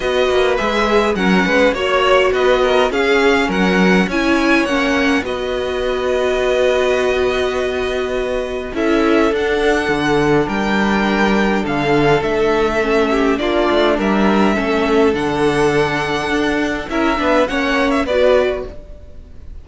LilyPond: <<
  \new Staff \with { instrumentName = "violin" } { \time 4/4 \tempo 4 = 103 dis''4 e''4 fis''4 cis''4 | dis''4 f''4 fis''4 gis''4 | fis''4 dis''2.~ | dis''2. e''4 |
fis''2 g''2 | f''4 e''2 d''4 | e''2 fis''2~ | fis''4 e''4 fis''8. e''16 d''4 | }
  \new Staff \with { instrumentName = "violin" } { \time 4/4 b'2 ais'8 b'8 cis''4 | b'8 ais'8 gis'4 ais'4 cis''4~ | cis''4 b'2.~ | b'2. a'4~ |
a'2 ais'2 | a'2~ a'8 g'8 f'4 | ais'4 a'2.~ | a'4 ais'8 b'8 cis''4 b'4 | }
  \new Staff \with { instrumentName = "viola" } { \time 4/4 fis'4 gis'4 cis'4 fis'4~ | fis'4 cis'2 e'4 | cis'4 fis'2.~ | fis'2. e'4 |
d'1~ | d'2 cis'4 d'4~ | d'4 cis'4 d'2~ | d'4 e'8 d'8 cis'4 fis'4 | }
  \new Staff \with { instrumentName = "cello" } { \time 4/4 b8 ais8 gis4 fis8 gis8 ais4 | b4 cis'4 fis4 cis'4 | ais4 b2.~ | b2. cis'4 |
d'4 d4 g2 | d4 a2 ais8 a8 | g4 a4 d2 | d'4 cis'8 b8 ais4 b4 | }
>>